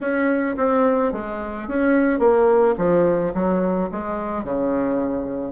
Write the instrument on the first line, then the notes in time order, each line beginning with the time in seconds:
bassoon
0.00 C#4
0.57 C4
1.12 G#3
1.68 C#4
2.19 A#3
2.77 F3
3.34 F#3
3.91 G#3
4.43 C#3